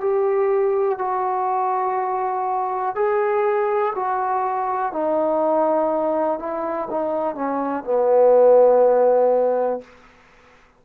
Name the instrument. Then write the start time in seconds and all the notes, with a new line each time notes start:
trombone
0.00 G4
0.98 F#4
2.95 G#4
3.95 F#4
4.92 D#4
6.39 E4
6.90 D#4
7.35 C#4
7.84 B3